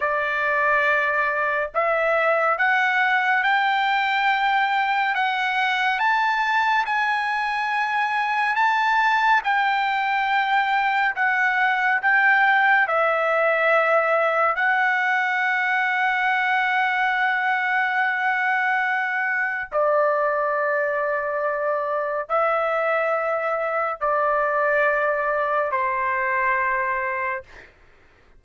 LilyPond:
\new Staff \with { instrumentName = "trumpet" } { \time 4/4 \tempo 4 = 70 d''2 e''4 fis''4 | g''2 fis''4 a''4 | gis''2 a''4 g''4~ | g''4 fis''4 g''4 e''4~ |
e''4 fis''2.~ | fis''2. d''4~ | d''2 e''2 | d''2 c''2 | }